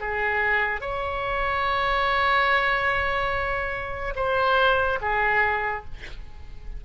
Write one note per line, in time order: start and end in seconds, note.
0.00 0.81 G#4
0.81 4.14 C#5
4.16 4.99 C5
5.01 5.84 G#4